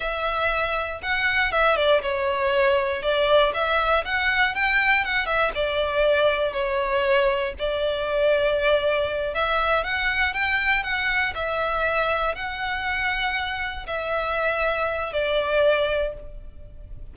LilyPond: \new Staff \with { instrumentName = "violin" } { \time 4/4 \tempo 4 = 119 e''2 fis''4 e''8 d''8 | cis''2 d''4 e''4 | fis''4 g''4 fis''8 e''8 d''4~ | d''4 cis''2 d''4~ |
d''2~ d''8 e''4 fis''8~ | fis''8 g''4 fis''4 e''4.~ | e''8 fis''2. e''8~ | e''2 d''2 | }